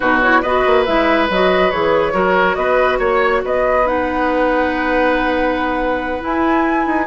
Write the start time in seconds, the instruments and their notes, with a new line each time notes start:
0.00 bassoon B2, clarinet D#4, oboe F#4, flute B4
0.21 clarinet E4, flute C#5
0.41 bassoon B3, clarinet F#4, oboe B4, flute D#5
0.66 bassoon A#3
0.85 bassoon G#3, clarinet E4, flute E5
1.29 bassoon F#3, clarinet F#4, flute D#5
1.71 bassoon E3, clarinet G#4, flute C#5
2.12 bassoon F#3, clarinet F#4, oboe A#4
2.54 bassoon B3, oboe B4, flute D#5
2.98 bassoon A#3, oboe C#5, flute C#5
3.44 bassoon B3, oboe B4, flute D#5
3.85 clarinet D#4, flute F#5
6.20 clarinet E4, bassoon E4, flute G#5
6.86 bassoon D#4